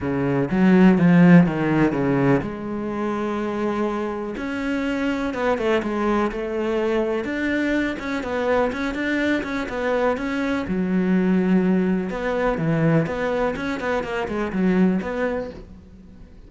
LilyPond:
\new Staff \with { instrumentName = "cello" } { \time 4/4 \tempo 4 = 124 cis4 fis4 f4 dis4 | cis4 gis2.~ | gis4 cis'2 b8 a8 | gis4 a2 d'4~ |
d'8 cis'8 b4 cis'8 d'4 cis'8 | b4 cis'4 fis2~ | fis4 b4 e4 b4 | cis'8 b8 ais8 gis8 fis4 b4 | }